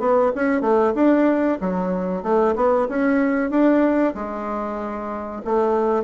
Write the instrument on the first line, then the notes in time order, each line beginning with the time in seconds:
bassoon
0.00 B3
0.35 C#4
0.62 A3
0.95 D4
1.61 F#3
2.23 A3
2.56 B3
2.89 C#4
3.51 D4
4.15 G#3
5.45 A3